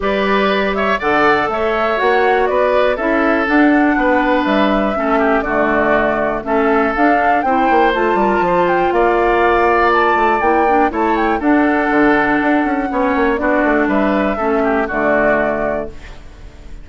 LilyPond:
<<
  \new Staff \with { instrumentName = "flute" } { \time 4/4 \tempo 4 = 121 d''4. e''8 fis''4 e''4 | fis''4 d''4 e''4 fis''4~ | fis''4 e''2 d''4~ | d''4 e''4 f''4 g''4 |
a''4. g''8 f''2 | a''4 g''4 a''8 g''8 fis''4~ | fis''2. d''4 | e''2 d''2 | }
  \new Staff \with { instrumentName = "oboe" } { \time 4/4 b'4. cis''8 d''4 cis''4~ | cis''4 b'4 a'2 | b'2 a'8 g'8 fis'4~ | fis'4 a'2 c''4~ |
c''8 ais'8 c''4 d''2~ | d''2 cis''4 a'4~ | a'2 cis''4 fis'4 | b'4 a'8 g'8 fis'2 | }
  \new Staff \with { instrumentName = "clarinet" } { \time 4/4 g'2 a'2 | fis'2 e'4 d'4~ | d'2 cis'4 a4~ | a4 cis'4 d'4 e'4 |
f'1~ | f'4 e'8 d'8 e'4 d'4~ | d'2 cis'4 d'4~ | d'4 cis'4 a2 | }
  \new Staff \with { instrumentName = "bassoon" } { \time 4/4 g2 d4 a4 | ais4 b4 cis'4 d'4 | b4 g4 a4 d4~ | d4 a4 d'4 c'8 ais8 |
a8 g8 f4 ais2~ | ais8 a8 ais4 a4 d'4 | d4 d'8 cis'8 b8 ais8 b8 a8 | g4 a4 d2 | }
>>